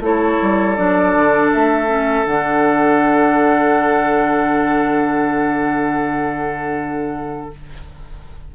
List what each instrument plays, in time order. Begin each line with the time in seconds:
0.00 bassoon A3, clarinet E4, oboe A4, flute C#5
0.42 bassoon G3
0.77 bassoon F#3, clarinet D4, flute D5
1.15 bassoon D3
1.53 bassoon A3, flute E5
1.87 clarinet C#4
2.26 bassoon D3, clarinet D4, flute F#5